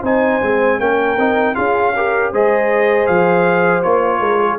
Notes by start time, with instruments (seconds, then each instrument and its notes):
0.00 tuba C4, trombone D#4, horn C5, trumpet G#5
0.41 tuba G#3, trombone C4
0.79 tuba A#3, trombone C#4, horn A#4, trumpet G5
1.18 tuba C4, trombone D#4
1.54 tuba C#4, trombone F4, horn G#4, trumpet F5
1.95 trombone G4, horn A#4
2.32 tuba G#3, trombone G#4, horn C5, trumpet D#5
3.06 tuba F3, trumpet F5
3.82 tuba A#3, trombone F4, trumpet C#5
4.19 tuba G#3, horn A#4
4.39 horn G#4